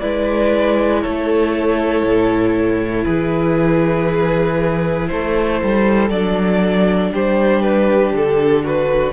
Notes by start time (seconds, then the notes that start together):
0.00 G#3 E4 B4 D5
1.01 A3 A4 C#5
2.03 A2
3.04 E3 G#4 B4
5.08 A3 A4 C5
5.63 G3
6.10 F#3 D4 D5
7.12 G3 G4 C5
7.62 B4
8.12 D3 A4
8.64 F#4 B4